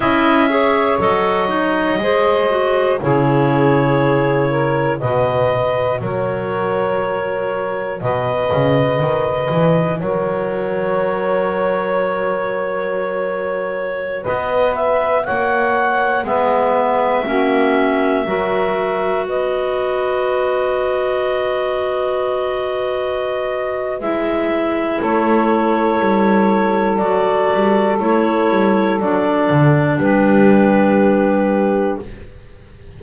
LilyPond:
<<
  \new Staff \with { instrumentName = "clarinet" } { \time 4/4 \tempo 4 = 60 e''4 dis''2 cis''4~ | cis''4 dis''4 cis''2 | dis''2 cis''2~ | cis''2~ cis''16 dis''8 e''8 fis''8.~ |
fis''16 e''2. dis''8.~ | dis''1 | e''4 cis''2 d''4 | cis''4 d''4 b'2 | }
  \new Staff \with { instrumentName = "saxophone" } { \time 4/4 dis''8 cis''4. c''4 gis'4~ | gis'8 ais'8 b'4 ais'2 | b'2 ais'2~ | ais'2~ ais'16 b'4 cis''8.~ |
cis''16 b'4 fis'4 ais'4 b'8.~ | b'1~ | b'4 a'2.~ | a'2 g'2 | }
  \new Staff \with { instrumentName = "clarinet" } { \time 4/4 e'8 gis'8 a'8 dis'8 gis'8 fis'8 e'4~ | e'4 fis'2.~ | fis'1~ | fis'1~ |
fis'16 b4 cis'4 fis'4.~ fis'16~ | fis'1 | e'2. fis'4 | e'4 d'2. | }
  \new Staff \with { instrumentName = "double bass" } { \time 4/4 cis'4 fis4 gis4 cis4~ | cis4 b,4 fis2 | b,8 cis8 dis8 e8 fis2~ | fis2~ fis16 b4 ais8.~ |
ais16 gis4 ais4 fis4 b8.~ | b1 | gis4 a4 g4 fis8 g8 | a8 g8 fis8 d8 g2 | }
>>